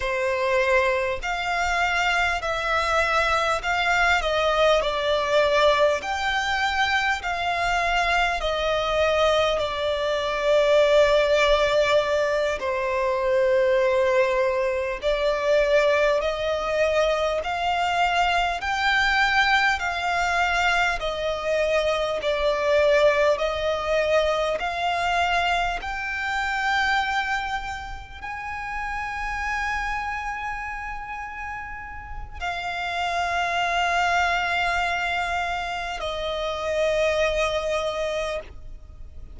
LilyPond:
\new Staff \with { instrumentName = "violin" } { \time 4/4 \tempo 4 = 50 c''4 f''4 e''4 f''8 dis''8 | d''4 g''4 f''4 dis''4 | d''2~ d''8 c''4.~ | c''8 d''4 dis''4 f''4 g''8~ |
g''8 f''4 dis''4 d''4 dis''8~ | dis''8 f''4 g''2 gis''8~ | gis''2. f''4~ | f''2 dis''2 | }